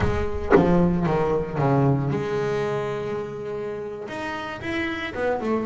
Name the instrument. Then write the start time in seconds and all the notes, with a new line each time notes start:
double bass
0.00 G#3
0.55 F3
1.06 D#3
1.58 C#3
2.10 G#3
4.08 D#4
4.61 E4
5.14 B3
5.40 A3